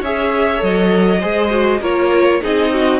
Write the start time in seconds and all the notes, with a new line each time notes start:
0.00 C#4 G#4 C#5 E5
0.58 F#3 A4 D#5
1.20 G#3 G#4 C5
1.50 F#4
1.80 A#3 F4 A#4 C#5
2.41 C4 D#4 G#4 D#5
2.72 F#4